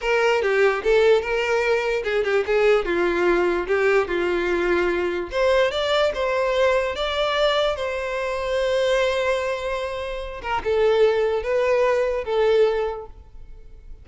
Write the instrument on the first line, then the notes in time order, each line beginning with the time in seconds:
violin
0.01 A#4
0.42 G4
0.83 A4
1.21 A#4
2.03 G#4
2.24 G4
2.46 G#4
2.85 F4
3.67 G4
4.07 F4
5.31 C5
5.71 D5
6.14 C5
6.95 D5
7.76 C5
10.42 A#4
10.64 A4
11.42 B4
12.24 A4